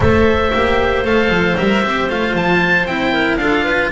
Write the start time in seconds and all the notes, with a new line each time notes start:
0.00 A3 A4 C5 E5
0.53 A#3 G4
1.04 A3 A4 F5
1.29 F3
1.56 G3 A#4 E5
1.83 C4 G4
2.09 A3 F4 F5
2.34 F3 A5
2.85 C4 E4 G5
3.12 A#4
3.36 D4 F4 A4 F5
3.64 B4